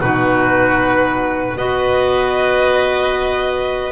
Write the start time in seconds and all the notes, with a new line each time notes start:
0.00 B2 D#4 F#4 B4
1.58 B3 F#4 B4 D#5